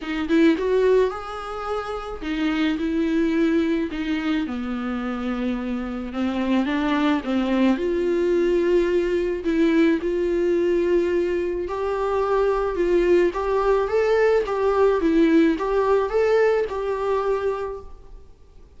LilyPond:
\new Staff \with { instrumentName = "viola" } { \time 4/4 \tempo 4 = 108 dis'8 e'8 fis'4 gis'2 | dis'4 e'2 dis'4 | b2. c'4 | d'4 c'4 f'2~ |
f'4 e'4 f'2~ | f'4 g'2 f'4 | g'4 a'4 g'4 e'4 | g'4 a'4 g'2 | }